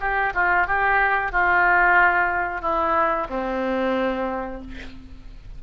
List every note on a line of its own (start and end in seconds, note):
0.00 0.33 G4
0.34 0.67 F4
0.67 1.32 G4
1.32 2.61 F4
2.61 3.27 E4
3.29 4.61 C4